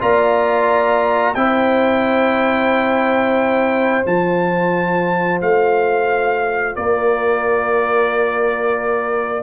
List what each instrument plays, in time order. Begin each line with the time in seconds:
0.00 tuba A#3, trombone F4, horn D5, trumpet A#5
1.35 tuba C4, trombone E4, horn C5, trumpet G5
4.05 tuba F3, trombone F4, trumpet A5
5.42 tuba A3, trumpet F5
6.76 tuba A#3, horn A#4, trumpet D5